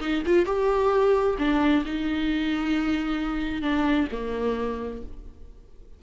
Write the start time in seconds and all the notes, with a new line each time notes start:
0.00 D#4
0.26 F4
0.45 G4
1.38 D4
1.85 D#4
3.62 D4
4.11 A#3